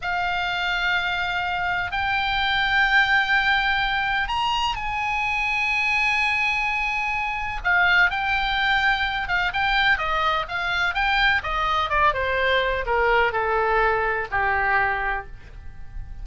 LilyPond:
\new Staff \with { instrumentName = "oboe" } { \time 4/4 \tempo 4 = 126 f''1 | g''1~ | g''4 ais''4 gis''2~ | gis''1 |
f''4 g''2~ g''8 f''8 | g''4 dis''4 f''4 g''4 | dis''4 d''8 c''4. ais'4 | a'2 g'2 | }